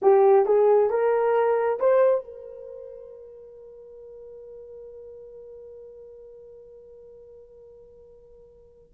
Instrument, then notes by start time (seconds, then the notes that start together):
horn
0.02 G4
0.45 G#4
0.90 A#4
1.79 C5
2.24 A#4